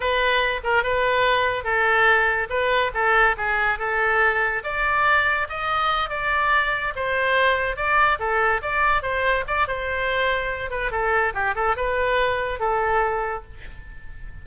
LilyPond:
\new Staff \with { instrumentName = "oboe" } { \time 4/4 \tempo 4 = 143 b'4. ais'8 b'2 | a'2 b'4 a'4 | gis'4 a'2 d''4~ | d''4 dis''4. d''4.~ |
d''8 c''2 d''4 a'8~ | a'8 d''4 c''4 d''8 c''4~ | c''4. b'8 a'4 g'8 a'8 | b'2 a'2 | }